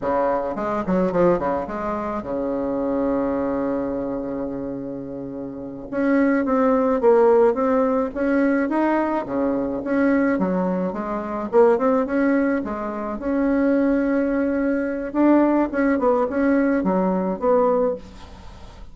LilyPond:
\new Staff \with { instrumentName = "bassoon" } { \time 4/4 \tempo 4 = 107 cis4 gis8 fis8 f8 cis8 gis4 | cis1~ | cis2~ cis8 cis'4 c'8~ | c'8 ais4 c'4 cis'4 dis'8~ |
dis'8 cis4 cis'4 fis4 gis8~ | gis8 ais8 c'8 cis'4 gis4 cis'8~ | cis'2. d'4 | cis'8 b8 cis'4 fis4 b4 | }